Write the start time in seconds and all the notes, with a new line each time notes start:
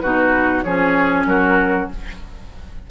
0.00 B2 D#4 F#4 B4
0.63 F3 C#4 G#4 C#5
1.26 F#3 F#4 A#4